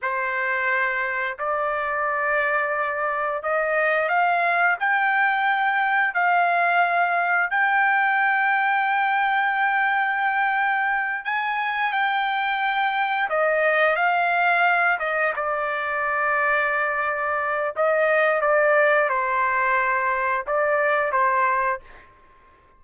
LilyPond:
\new Staff \with { instrumentName = "trumpet" } { \time 4/4 \tempo 4 = 88 c''2 d''2~ | d''4 dis''4 f''4 g''4~ | g''4 f''2 g''4~ | g''1~ |
g''8 gis''4 g''2 dis''8~ | dis''8 f''4. dis''8 d''4.~ | d''2 dis''4 d''4 | c''2 d''4 c''4 | }